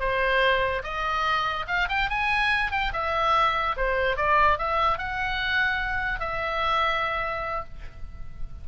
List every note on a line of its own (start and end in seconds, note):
0.00 0.83 C5
0.84 1.66 D#5
1.68 1.88 F5
1.89 2.10 G5
2.10 2.72 G#5
2.72 2.92 G5
2.93 3.76 E5
3.77 4.17 C5
4.17 4.58 D5
4.59 4.98 E5
4.98 6.20 F#5
6.20 7.65 E5